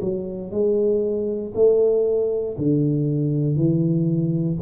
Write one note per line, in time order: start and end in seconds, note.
0.00 0.50 F#3
0.50 1.52 G#3
1.54 2.56 A3
2.57 3.56 D3
3.56 4.58 E3